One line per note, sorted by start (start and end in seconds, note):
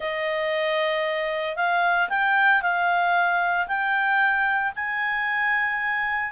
0.00 1.56 D#5
1.56 2.08 F5
2.09 2.62 G5
2.62 3.67 F5
3.67 4.72 G5
4.75 6.31 G#5